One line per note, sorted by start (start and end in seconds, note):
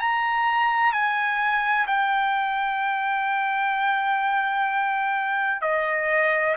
0.00 0.93 A#5
0.93 1.87 G#5
1.87 5.62 G5
5.62 6.56 D#5